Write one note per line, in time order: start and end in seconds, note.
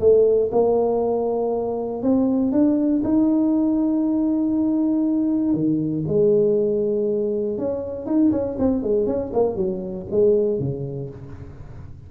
0.00 0.50 A3
0.51 2.02 A#3
2.02 2.52 C4
2.52 3.02 D4
3.04 5.54 D#4
5.54 6.04 D#3
6.07 7.58 G#3
7.58 8.06 C#4
8.06 8.31 D#4
8.31 8.57 C#4
8.59 8.83 C4
8.83 9.06 G#3
9.06 9.32 C#4
9.33 9.55 A#3
9.55 10.06 F#3
10.11 10.59 G#3
10.59 11.10 C#3